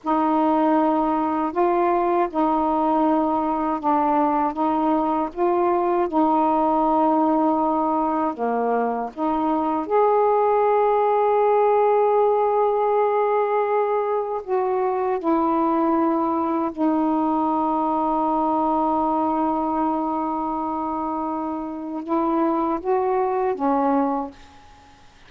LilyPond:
\new Staff \with { instrumentName = "saxophone" } { \time 4/4 \tempo 4 = 79 dis'2 f'4 dis'4~ | dis'4 d'4 dis'4 f'4 | dis'2. ais4 | dis'4 gis'2.~ |
gis'2. fis'4 | e'2 dis'2~ | dis'1~ | dis'4 e'4 fis'4 cis'4 | }